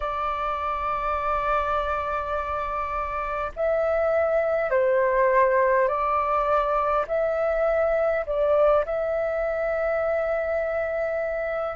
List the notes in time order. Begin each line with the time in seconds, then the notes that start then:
0.00 D5
3.56 E5
4.70 C5
5.88 D5
7.07 E5
8.26 D5
8.85 E5